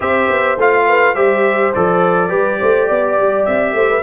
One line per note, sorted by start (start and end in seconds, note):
0.00 0.29 C4
0.00 0.57 G4
0.00 0.86 C5
0.00 0.58 E5
0.29 0.57 B3
0.57 1.15 A3
0.57 1.15 F4
0.57 1.15 F5
0.87 1.15 B4
1.15 1.72 G3
1.15 1.73 G4
1.15 2.29 C5
1.15 1.72 E5
1.74 2.31 F3
1.74 2.28 A4
1.74 3.45 D5
2.28 2.59 G3
2.28 4.01 G4
2.28 2.58 B4
2.59 2.89 A3
2.59 2.87 C5
2.87 3.18 B3
2.87 3.74 D5
3.18 3.47 G3
3.45 3.73 C4
3.45 4.02 E5
3.73 4.01 A3
3.73 3.89 C5
3.89 4.02 B4